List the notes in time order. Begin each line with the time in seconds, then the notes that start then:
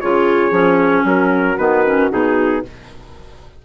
0.00 C#3 F4 G#4 C#5
0.51 F3 C#4
1.04 F#3 F#4 A#4
1.58 D#3 B3 B4
1.85 C#4
2.10 B2 D#4 G#4